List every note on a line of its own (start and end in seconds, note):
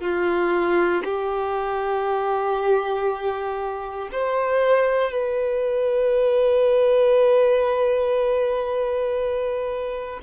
0.00 1.02 F4
1.04 4.09 G4
4.11 5.11 C5
5.11 10.19 B4